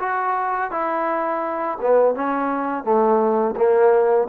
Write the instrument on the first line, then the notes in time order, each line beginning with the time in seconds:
trombone
0.00 F#4
0.71 E4
1.81 B3
2.15 C#4
2.84 A3
3.57 A#3